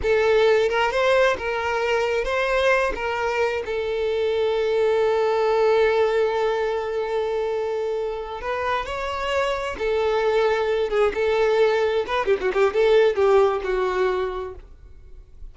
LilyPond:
\new Staff \with { instrumentName = "violin" } { \time 4/4 \tempo 4 = 132 a'4. ais'8 c''4 ais'4~ | ais'4 c''4. ais'4. | a'1~ | a'1~ |
a'2~ a'8 b'4 cis''8~ | cis''4. a'2~ a'8 | gis'8 a'2 b'8 g'16 fis'16 g'8 | a'4 g'4 fis'2 | }